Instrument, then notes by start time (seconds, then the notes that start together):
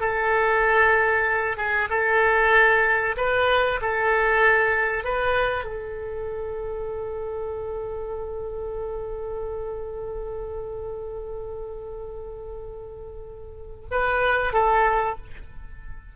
oboe
0.00 A4
1.56 G#4
1.89 A4
3.16 B4
3.81 A4
5.04 B4
5.64 A4
13.91 B4
14.53 A4